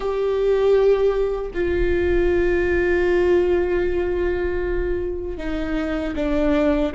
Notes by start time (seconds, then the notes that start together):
0.00 G4
1.53 F4
5.37 D#4
6.15 D4